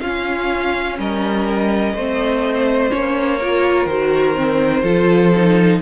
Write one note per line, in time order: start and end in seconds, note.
0.00 0.98 C#4
0.00 1.96 C#4
0.00 0.98 F4
0.00 0.97 F5
0.98 1.94 G3
0.98 1.94 A#4
0.98 2.91 D#5
1.94 2.90 A3
1.94 2.91 C4
1.94 3.39 C5
2.91 3.85 A#3
2.91 3.39 C#4
2.91 3.86 C#5
3.39 3.90 F4
3.39 4.83 A#4
3.85 4.82 D#3
3.85 4.34 F#4
3.85 5.80 C5
4.34 4.83 C4
4.83 5.80 F3
4.83 5.32 F4
4.83 5.79 A4
5.35 5.82 D#4